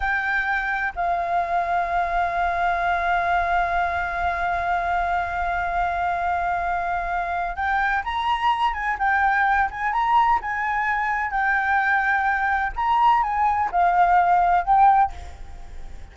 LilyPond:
\new Staff \with { instrumentName = "flute" } { \time 4/4 \tempo 4 = 127 g''2 f''2~ | f''1~ | f''1~ | f''1 |
g''4 ais''4. gis''8 g''4~ | g''8 gis''8 ais''4 gis''2 | g''2. ais''4 | gis''4 f''2 g''4 | }